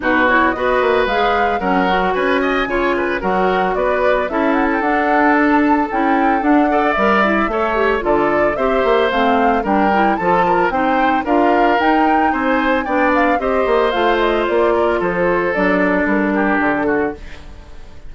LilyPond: <<
  \new Staff \with { instrumentName = "flute" } { \time 4/4 \tempo 4 = 112 b'8 cis''8 dis''4 f''4 fis''4 | gis''2 fis''4 d''4 | e''8 fis''16 g''16 fis''4 a''4 g''4 | fis''4 e''2 d''4 |
e''4 f''4 g''4 a''4 | g''4 f''4 g''4 gis''4 | g''8 f''8 dis''4 f''8 dis''8 d''4 | c''4 d''4 ais'4 a'4 | }
  \new Staff \with { instrumentName = "oboe" } { \time 4/4 fis'4 b'2 ais'4 | b'8 dis''8 cis''8 b'8 ais'4 b'4 | a'1~ | a'8 d''4. cis''4 a'4 |
c''2 ais'4 a'8 ais'8 | c''4 ais'2 c''4 | d''4 c''2~ c''8 ais'8 | a'2~ a'8 g'4 fis'8 | }
  \new Staff \with { instrumentName = "clarinet" } { \time 4/4 dis'8 e'8 fis'4 gis'4 cis'8 fis'8~ | fis'4 f'4 fis'2 | e'4 d'2 e'4 | d'8 a'8 ais'8 e'8 a'8 g'8 f'4 |
g'4 c'4 d'8 e'8 f'4 | dis'4 f'4 dis'2 | d'4 g'4 f'2~ | f'4 d'2. | }
  \new Staff \with { instrumentName = "bassoon" } { \time 4/4 b,4 b8 ais8 gis4 fis4 | cis'4 cis4 fis4 b4 | cis'4 d'2 cis'4 | d'4 g4 a4 d4 |
c'8 ais8 a4 g4 f4 | c'4 d'4 dis'4 c'4 | b4 c'8 ais8 a4 ais4 | f4 fis4 g4 d4 | }
>>